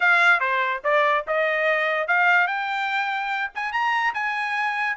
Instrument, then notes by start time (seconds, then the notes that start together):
trumpet
0.00 F5
0.39 C5
0.84 D5
1.27 D#5
2.07 F5
2.47 G5
3.55 G#5
3.72 A#5
4.14 G#5